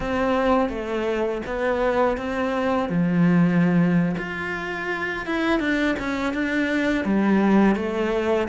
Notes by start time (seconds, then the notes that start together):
0.00 C4
0.69 A3
1.46 B3
2.17 C4
2.89 F3
4.17 F4
5.26 E4
5.59 D4
5.99 C#4
6.33 D4
7.04 G3
7.75 A3